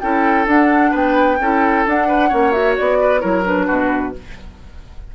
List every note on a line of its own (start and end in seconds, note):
0.00 0.46 C#4
0.00 0.46 E4
0.00 0.91 A4
0.00 0.46 G5
0.46 1.37 D4
0.46 0.92 D4
0.46 0.94 F#5
0.91 1.39 B3
0.91 1.36 B4
0.91 1.87 G5
1.39 1.85 C#4
1.39 1.86 E4
1.39 2.07 A4
1.86 2.32 D4
1.86 2.30 D4
1.86 2.51 F#5
2.07 2.28 B4
2.28 2.78 A#3
2.28 2.52 C#4
2.28 2.97 C#5
2.51 3.20 F#4
2.51 2.74 E5
2.77 3.23 B3
2.77 3.20 D5
3.00 3.20 B4
3.20 3.69 F#3
3.20 3.43 E4
3.20 3.66 A#4
3.20 3.43 C#5
3.44 4.13 D4
3.44 4.15 B4
3.66 4.15 B2
3.66 4.12 F#4